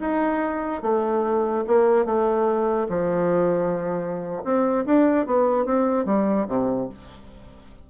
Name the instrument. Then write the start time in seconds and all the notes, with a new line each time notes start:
bassoon
0.00 D#4
0.82 A3
1.67 A#3
2.05 A3
2.89 F3
4.44 C4
4.86 D4
5.26 B3
5.65 C4
6.05 G3
6.48 C3